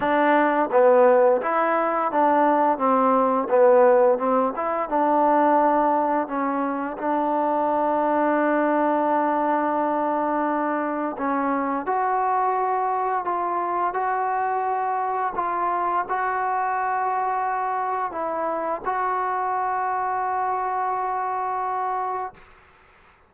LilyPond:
\new Staff \with { instrumentName = "trombone" } { \time 4/4 \tempo 4 = 86 d'4 b4 e'4 d'4 | c'4 b4 c'8 e'8 d'4~ | d'4 cis'4 d'2~ | d'1 |
cis'4 fis'2 f'4 | fis'2 f'4 fis'4~ | fis'2 e'4 fis'4~ | fis'1 | }